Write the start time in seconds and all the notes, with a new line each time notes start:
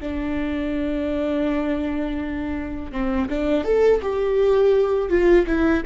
0.00 D4
2.92 C4
3.29 D4
3.65 A4
4.02 G4
5.10 F4
5.47 E4